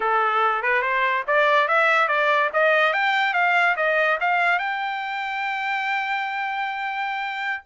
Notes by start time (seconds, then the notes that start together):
0.00 A4
0.62 B4
0.81 C5
1.27 D5
1.68 E5
2.08 D5
2.53 D#5
2.93 G5
3.33 F5
3.76 D#5
4.20 F5
4.58 G5